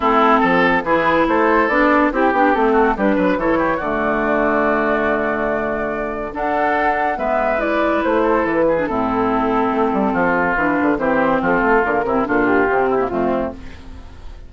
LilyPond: <<
  \new Staff \with { instrumentName = "flute" } { \time 4/4 \tempo 4 = 142 a'2 b'4 c''4 | d''4 g'4 a'4 b'4 | cis''4 d''2.~ | d''2. fis''4~ |
fis''4 e''4 d''4 c''4 | b'4 a'2.~ | a'4 b'4 c''4 a'4 | ais'4 a'8 g'4. f'4 | }
  \new Staff \with { instrumentName = "oboe" } { \time 4/4 e'4 a'4 gis'4 a'4~ | a'4 g'4. fis'8 g'8 b'8 | a'8 g'8 fis'2.~ | fis'2. a'4~ |
a'4 b'2~ b'8 a'8~ | a'8 gis'8 e'2. | f'2 g'4 f'4~ | f'8 e'8 f'4. e'8 c'4 | }
  \new Staff \with { instrumentName = "clarinet" } { \time 4/4 c'2 e'2 | d'4 e'8 d'8 c'4 d'4 | e'4 a2.~ | a2. d'4~ |
d'4 b4 e'2~ | e'8. d'16 c'2.~ | c'4 d'4 c'2 | ais8 c'8 d'4 c'8. ais16 a4 | }
  \new Staff \with { instrumentName = "bassoon" } { \time 4/4 a4 f4 e4 a4 | b4 c'8 b8 a4 g8 fis8 | e4 d2.~ | d2. d'4~ |
d'4 gis2 a4 | e4 a,2 a8 g8 | f4 e8 d8 e4 f8 a8 | d8 c8 ais,4 c4 f,4 | }
>>